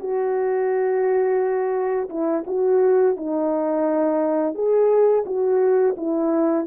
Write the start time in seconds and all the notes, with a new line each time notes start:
0.00 F#4
2.10 E4
2.47 F#4
3.17 D#4
4.55 G#4
5.26 F#4
5.97 E4